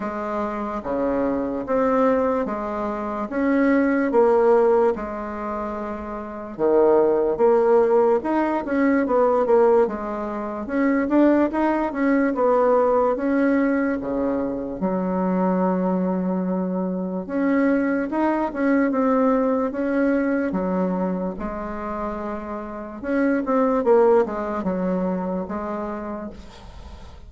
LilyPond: \new Staff \with { instrumentName = "bassoon" } { \time 4/4 \tempo 4 = 73 gis4 cis4 c'4 gis4 | cis'4 ais4 gis2 | dis4 ais4 dis'8 cis'8 b8 ais8 | gis4 cis'8 d'8 dis'8 cis'8 b4 |
cis'4 cis4 fis2~ | fis4 cis'4 dis'8 cis'8 c'4 | cis'4 fis4 gis2 | cis'8 c'8 ais8 gis8 fis4 gis4 | }